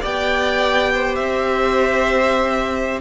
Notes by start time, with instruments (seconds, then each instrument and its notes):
0.00 cello B3, viola G4, violin D5 G5
0.93 violin C5
1.15 cello C4, violin E5